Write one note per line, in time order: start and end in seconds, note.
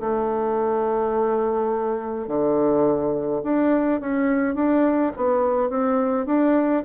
0.00 2.28 A3
2.28 3.42 D3
3.43 4.00 D4
4.01 4.55 C#4
4.55 5.12 D4
5.16 5.70 B3
5.70 6.26 C4
6.26 6.83 D4